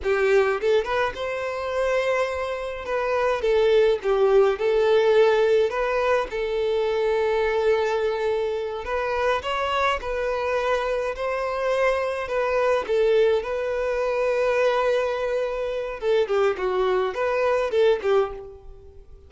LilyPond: \new Staff \with { instrumentName = "violin" } { \time 4/4 \tempo 4 = 105 g'4 a'8 b'8 c''2~ | c''4 b'4 a'4 g'4 | a'2 b'4 a'4~ | a'2.~ a'8 b'8~ |
b'8 cis''4 b'2 c''8~ | c''4. b'4 a'4 b'8~ | b'1 | a'8 g'8 fis'4 b'4 a'8 g'8 | }